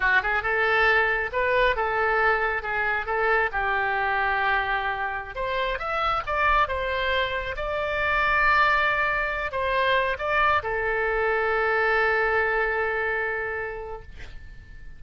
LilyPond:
\new Staff \with { instrumentName = "oboe" } { \time 4/4 \tempo 4 = 137 fis'8 gis'8 a'2 b'4 | a'2 gis'4 a'4 | g'1~ | g'16 c''4 e''4 d''4 c''8.~ |
c''4~ c''16 d''2~ d''8.~ | d''4.~ d''16 c''4. d''8.~ | d''16 a'2.~ a'8.~ | a'1 | }